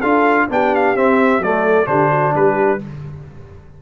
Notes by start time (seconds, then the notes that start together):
0.00 D4 F4 A4 F5
0.50 B3 D4 G4 G5
0.75 F5
0.96 C4 E5
1.39 F#3 A3 A4 D5
1.86 D3 D4 G4 C5
2.10 F#4
2.35 G3 G4 B4